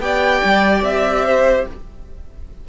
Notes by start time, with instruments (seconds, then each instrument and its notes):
0.00 cello B3, viola G4, violin D5 G5
0.44 cello G3
0.82 cello C4, violin E5
1.25 violin C5